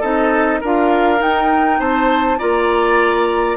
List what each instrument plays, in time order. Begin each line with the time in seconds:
0.00 bassoon C4, clarinet D#4, oboe A4, flute D#5
0.61 bassoon D4, clarinet F4, oboe A#4, flute F5
1.17 clarinet D#4, bassoon D#4, flute G5
1.79 bassoon C4, oboe C5, flute A5
2.38 bassoon A#3, clarinet F4, oboe D5, flute A#5